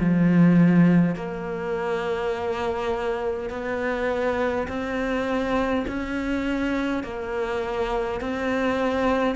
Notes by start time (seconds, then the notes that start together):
0.00 F3
1.16 A#3
3.50 B3
4.68 C4
5.88 C#4
7.04 A#3
8.21 C4